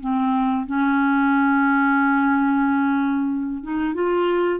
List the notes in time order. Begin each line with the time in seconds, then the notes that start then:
0.00 C4
0.66 C#4
3.63 D#4
3.94 F4